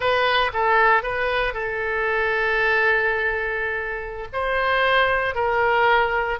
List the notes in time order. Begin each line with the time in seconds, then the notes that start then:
0.00 B4
0.53 A4
1.02 B4
1.53 A4
4.32 C5
5.35 A#4